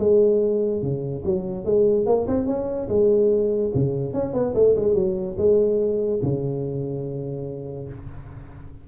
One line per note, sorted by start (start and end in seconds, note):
0.00 0.83 G#3
0.83 1.24 C#3
1.26 1.66 F#3
1.66 2.07 G#3
2.07 2.27 A#3
2.28 2.47 C4
2.47 2.89 C#4
2.89 3.72 G#3
3.75 4.14 C#3
4.14 4.34 C#4
4.34 4.54 B3
4.55 4.76 A3
4.76 4.95 G#3
4.95 5.37 F#3
5.38 6.21 G#3
6.23 7.89 C#3